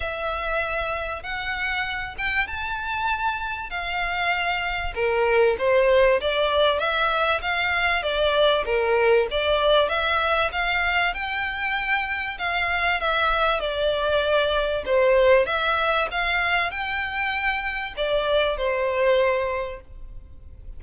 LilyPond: \new Staff \with { instrumentName = "violin" } { \time 4/4 \tempo 4 = 97 e''2 fis''4. g''8 | a''2 f''2 | ais'4 c''4 d''4 e''4 | f''4 d''4 ais'4 d''4 |
e''4 f''4 g''2 | f''4 e''4 d''2 | c''4 e''4 f''4 g''4~ | g''4 d''4 c''2 | }